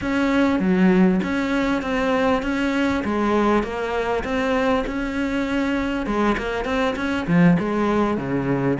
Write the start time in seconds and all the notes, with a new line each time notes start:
0.01 C#4
0.59 F#3
1.23 C#4
1.82 C4
2.42 C#4
3.04 G#3
3.63 A#3
4.23 C4
4.87 C#4
6.06 G#3
6.37 A#3
6.64 C4
6.96 C#4
7.27 F3
7.59 G#3
8.17 C#3